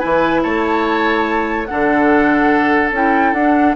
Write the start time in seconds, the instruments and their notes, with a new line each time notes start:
0.00 bassoon E3, clarinet E4, oboe B4, flute G#5
0.43 bassoon A3, oboe C#5, flute A5
1.66 clarinet D4, oboe A4, flute F#5
1.72 bassoon D3
2.92 bassoon C#4, clarinet E4, flute G5
3.33 bassoon D4, clarinet D4, flute F#5